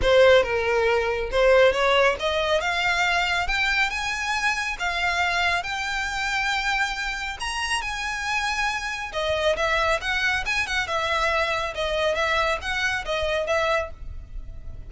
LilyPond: \new Staff \with { instrumentName = "violin" } { \time 4/4 \tempo 4 = 138 c''4 ais'2 c''4 | cis''4 dis''4 f''2 | g''4 gis''2 f''4~ | f''4 g''2.~ |
g''4 ais''4 gis''2~ | gis''4 dis''4 e''4 fis''4 | gis''8 fis''8 e''2 dis''4 | e''4 fis''4 dis''4 e''4 | }